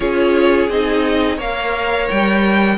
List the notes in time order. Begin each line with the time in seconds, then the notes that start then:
0.00 C#4 F4 G#4 C#5
0.69 C4 D#4 D#5
1.36 A#3 A#4 C#5 F5
2.09 G3 G5